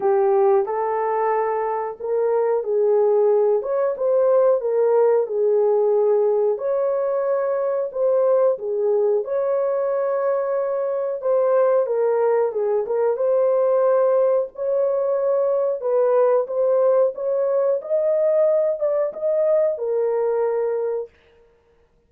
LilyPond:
\new Staff \with { instrumentName = "horn" } { \time 4/4 \tempo 4 = 91 g'4 a'2 ais'4 | gis'4. cis''8 c''4 ais'4 | gis'2 cis''2 | c''4 gis'4 cis''2~ |
cis''4 c''4 ais'4 gis'8 ais'8 | c''2 cis''2 | b'4 c''4 cis''4 dis''4~ | dis''8 d''8 dis''4 ais'2 | }